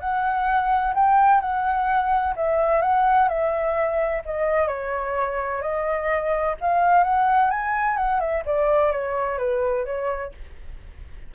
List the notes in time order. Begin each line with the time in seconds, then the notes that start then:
0.00 F#5
0.95 G5
1.41 F#5
2.36 E5
2.82 F#5
3.29 E5
4.25 D#5
4.68 C#5
5.62 D#5
6.61 F5
7.04 F#5
7.50 G#5
7.97 F#5
8.20 E5
8.46 D5
8.92 C#5
9.38 B4
9.85 C#5